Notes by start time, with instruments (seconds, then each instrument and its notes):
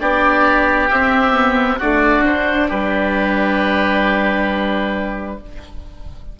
0.00 bassoon B3, viola D4, oboe G4 D5
0.90 bassoon C4, viola C4, oboe E5
1.33 viola B3
1.78 viola A3, bassoon D4, oboe F#4 D5
2.23 viola D4, oboe C5
2.68 bassoon G3, oboe G4 B4